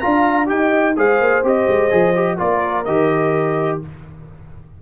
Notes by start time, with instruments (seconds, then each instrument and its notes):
0.00 tuba D4, trombone F4, horn F5, trumpet A#5
0.46 tuba D#4, trombone G4, horn D#5, trumpet G5
0.97 tuba G#3, trombone G#4, horn C5, trumpet F5
1.21 tuba A#3
1.43 tuba C4, trombone G4, trumpet D#5
1.68 tuba G#3
1.91 tuba F3, trombone G#4
2.15 trombone G4
2.37 tuba A#3, trombone F4, horn A#4, trumpet D5
2.85 tuba D#3, trombone G4, trumpet D#5